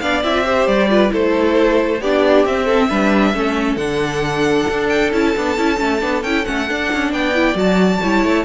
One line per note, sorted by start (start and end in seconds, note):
0.00 0.23 B3
0.00 0.24 D4
0.00 0.45 D5
0.00 0.22 F5
0.23 0.67 C4
0.23 0.33 E4
0.23 0.67 E5
0.33 0.44 F4
0.45 0.89 G4
0.45 0.89 C5
0.67 1.11 G3
0.67 1.11 D5
0.89 1.09 F4
0.89 1.12 B4
1.09 2.01 A3
1.09 1.98 E4
1.09 2.01 A4
1.09 2.02 C5
2.01 2.45 B3
2.01 2.47 D4
2.01 2.65 G4
2.01 2.46 D5
2.45 2.89 C4
2.45 3.76 E5
2.65 2.87 A4
2.89 3.34 G3
2.89 3.34 D4
2.89 3.34 B4
3.34 3.76 A3
3.34 3.78 C#4
3.34 7.14 A4
3.76 4.65 D3
3.76 5.12 D4
3.76 4.87 F#5
4.70 5.13 D4
4.89 5.11 G5
5.12 5.35 C#4
5.12 5.35 E4
5.12 6.23 A5
5.36 5.58 B3
5.36 5.58 D4
5.58 5.80 C#4
5.58 5.77 E4
5.77 6.02 A3
5.77 6.00 C#4
6.00 6.23 B3
6.00 6.23 D4
6.23 6.46 C#4
6.23 6.45 E4
6.23 6.45 G5
6.45 6.70 A3
6.45 6.67 C#4
6.45 7.12 F#5
6.69 7.35 D4
6.69 6.92 D4
6.93 7.12 C#4
7.12 7.54 B3
7.12 8.02 D5
7.12 7.57 G5
7.35 7.54 E4
7.54 7.99 F#3
7.54 7.99 F#4
7.54 8.45 A5
8.02 8.24 G3
8.02 8.45 E4
8.02 8.45 C#5
8.24 8.45 A3